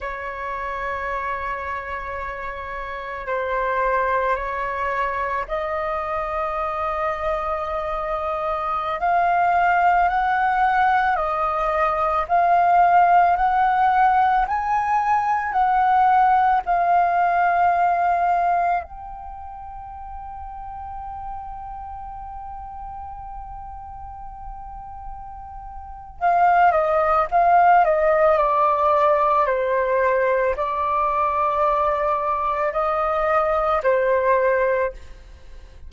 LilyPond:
\new Staff \with { instrumentName = "flute" } { \time 4/4 \tempo 4 = 55 cis''2. c''4 | cis''4 dis''2.~ | dis''16 f''4 fis''4 dis''4 f''8.~ | f''16 fis''4 gis''4 fis''4 f''8.~ |
f''4~ f''16 g''2~ g''8.~ | g''1 | f''8 dis''8 f''8 dis''8 d''4 c''4 | d''2 dis''4 c''4 | }